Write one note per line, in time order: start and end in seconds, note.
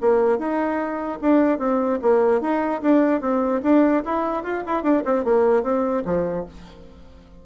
0.00 0.38 A#3
0.38 1.18 D#4
1.21 1.58 D4
1.58 1.99 C4
2.01 2.41 A#3
2.41 2.81 D#4
2.82 3.21 D4
3.21 3.61 C4
3.62 4.03 D4
4.04 4.43 E4
4.43 4.63 F4
4.66 4.82 E4
4.82 5.03 D4
5.05 5.24 C4
5.24 5.63 A#3
5.63 6.03 C4
6.05 6.45 F3